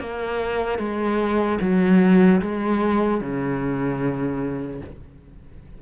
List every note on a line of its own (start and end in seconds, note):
0.00 0.79 A#3
0.79 1.59 G#3
1.61 2.41 F#3
2.41 3.21 G#3
3.21 4.81 C#3